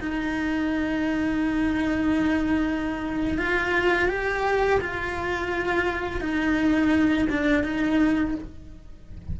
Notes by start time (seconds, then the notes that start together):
0.00 D#4
3.38 F4
4.08 G4
4.80 F4
6.21 D#4
7.29 D4
7.63 D#4